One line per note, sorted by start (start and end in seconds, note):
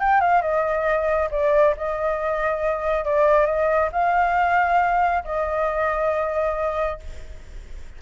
0.00 0.21 G5
0.21 0.42 F5
0.42 1.29 D#5
1.31 1.75 D5
1.77 3.05 D#5
3.05 3.46 D5
3.46 3.90 D#5
3.92 5.24 F5
5.25 7.00 D#5